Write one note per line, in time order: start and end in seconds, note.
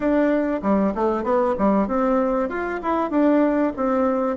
0.00 0.60 D4
0.62 0.93 G3
0.95 1.23 A3
1.23 1.55 B3
1.58 1.87 G3
1.87 2.49 C4
2.49 2.80 F4
2.82 3.10 E4
3.10 3.72 D4
3.76 4.37 C4